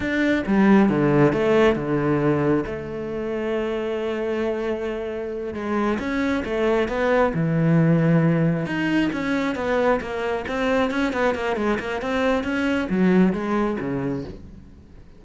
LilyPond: \new Staff \with { instrumentName = "cello" } { \time 4/4 \tempo 4 = 135 d'4 g4 d4 a4 | d2 a2~ | a1~ | a8 gis4 cis'4 a4 b8~ |
b8 e2. dis'8~ | dis'8 cis'4 b4 ais4 c'8~ | c'8 cis'8 b8 ais8 gis8 ais8 c'4 | cis'4 fis4 gis4 cis4 | }